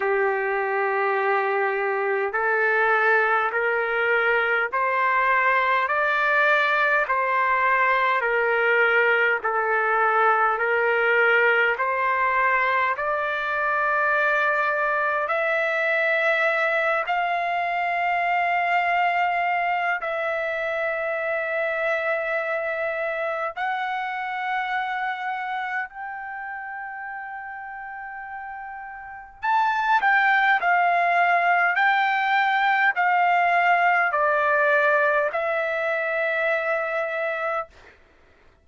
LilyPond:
\new Staff \with { instrumentName = "trumpet" } { \time 4/4 \tempo 4 = 51 g'2 a'4 ais'4 | c''4 d''4 c''4 ais'4 | a'4 ais'4 c''4 d''4~ | d''4 e''4. f''4.~ |
f''4 e''2. | fis''2 g''2~ | g''4 a''8 g''8 f''4 g''4 | f''4 d''4 e''2 | }